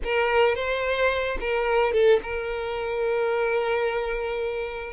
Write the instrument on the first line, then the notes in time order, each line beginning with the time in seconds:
violin
0.04 A#4
0.55 C5
1.40 A#4
1.92 A4
2.22 A#4